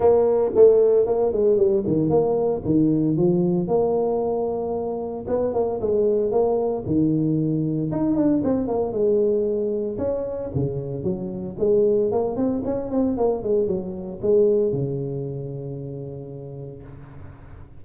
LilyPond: \new Staff \with { instrumentName = "tuba" } { \time 4/4 \tempo 4 = 114 ais4 a4 ais8 gis8 g8 dis8 | ais4 dis4 f4 ais4~ | ais2 b8 ais8 gis4 | ais4 dis2 dis'8 d'8 |
c'8 ais8 gis2 cis'4 | cis4 fis4 gis4 ais8 c'8 | cis'8 c'8 ais8 gis8 fis4 gis4 | cis1 | }